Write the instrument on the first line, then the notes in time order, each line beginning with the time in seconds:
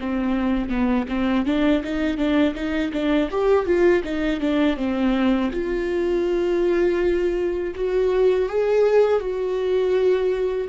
viola
0.00 C4
0.69 B3
1.09 C4
1.46 D4
1.84 D#4
2.18 D4
2.55 D#4
2.93 D4
3.31 G4
3.66 F4
4.04 D#4
4.40 D4
4.77 C4
5.52 F4
7.75 F#4
8.49 G#4
9.20 F#4